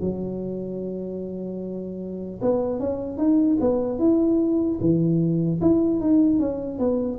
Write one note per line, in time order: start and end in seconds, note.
0.00 2.40 F#3
2.41 2.79 B3
2.79 3.17 C#4
3.17 3.57 D#4
3.60 3.98 B3
3.98 4.78 E4
4.80 5.60 E3
5.61 6.00 E4
6.00 6.39 D#4
6.39 6.78 C#4
6.78 7.18 B3